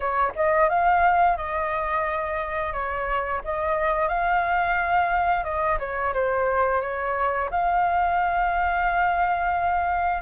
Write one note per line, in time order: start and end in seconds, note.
0.00 0.32 C#5
0.35 0.68 D#5
0.68 1.36 F5
1.36 2.72 D#5
2.72 3.41 C#5
3.44 4.08 D#5
4.08 5.44 F5
5.44 5.78 D#5
5.79 6.13 C#5
6.13 6.81 C5
6.81 7.49 C#5
7.50 10.22 F5